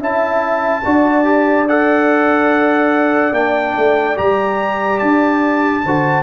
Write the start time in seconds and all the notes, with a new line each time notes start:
0.00 C#4 E4 E5 A5
0.85 D4 F#4 D5
1.24 G4
1.69 A4 F#5
3.33 A#3 D4 G5
3.77 A3
4.16 G3 G4 A#5
4.99 D4 A5
5.85 D3 F#4 C5